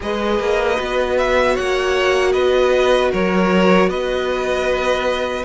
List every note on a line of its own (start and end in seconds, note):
0.00 0.39 G#3
0.00 0.75 G#4
0.00 1.53 B4
0.00 1.17 D#5
0.39 0.78 A#3
0.75 1.57 B3
0.75 5.43 F#4
1.17 1.56 E5
1.53 2.34 A#3
1.53 2.31 C#5
1.53 2.32 F#5
2.32 3.12 B3
2.32 3.11 B4
2.32 3.10 D#5
3.11 3.88 F#3
3.11 3.89 A#4
3.11 3.89 C#5
3.88 5.44 B3
3.88 5.44 B4
3.88 5.44 D#5